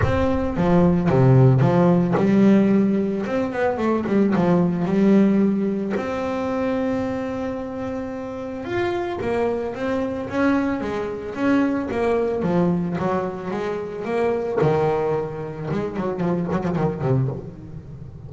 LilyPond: \new Staff \with { instrumentName = "double bass" } { \time 4/4 \tempo 4 = 111 c'4 f4 c4 f4 | g2 c'8 b8 a8 g8 | f4 g2 c'4~ | c'1 |
f'4 ais4 c'4 cis'4 | gis4 cis'4 ais4 f4 | fis4 gis4 ais4 dis4~ | dis4 gis8 fis8 f8 fis16 f16 dis8 c8 | }